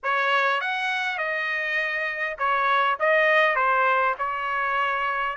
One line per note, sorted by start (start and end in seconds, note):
0.03 0.60 C#5
0.60 1.17 F#5
1.17 2.36 D#5
2.38 2.97 C#5
2.99 3.55 D#5
3.55 4.15 C5
4.18 5.36 C#5